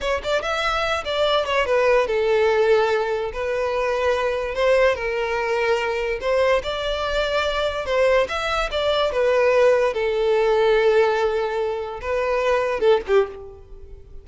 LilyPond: \new Staff \with { instrumentName = "violin" } { \time 4/4 \tempo 4 = 145 cis''8 d''8 e''4. d''4 cis''8 | b'4 a'2. | b'2. c''4 | ais'2. c''4 |
d''2. c''4 | e''4 d''4 b'2 | a'1~ | a'4 b'2 a'8 g'8 | }